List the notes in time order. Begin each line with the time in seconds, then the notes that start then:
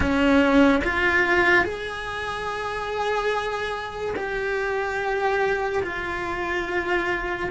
0.00 C#4
0.84 F4
1.64 G#4
4.16 G4
5.83 F4